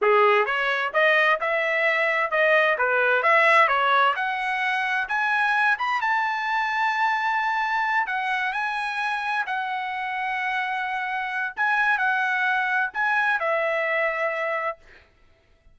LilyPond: \new Staff \with { instrumentName = "trumpet" } { \time 4/4 \tempo 4 = 130 gis'4 cis''4 dis''4 e''4~ | e''4 dis''4 b'4 e''4 | cis''4 fis''2 gis''4~ | gis''8 b''8 a''2.~ |
a''4. fis''4 gis''4.~ | gis''8 fis''2.~ fis''8~ | fis''4 gis''4 fis''2 | gis''4 e''2. | }